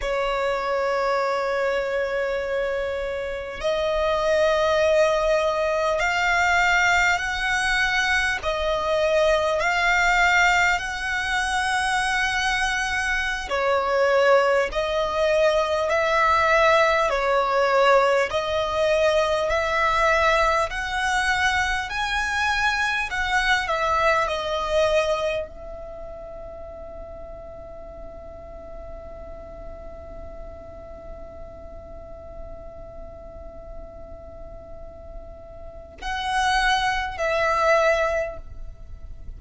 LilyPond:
\new Staff \with { instrumentName = "violin" } { \time 4/4 \tempo 4 = 50 cis''2. dis''4~ | dis''4 f''4 fis''4 dis''4 | f''4 fis''2~ fis''16 cis''8.~ | cis''16 dis''4 e''4 cis''4 dis''8.~ |
dis''16 e''4 fis''4 gis''4 fis''8 e''16~ | e''16 dis''4 e''2~ e''8.~ | e''1~ | e''2 fis''4 e''4 | }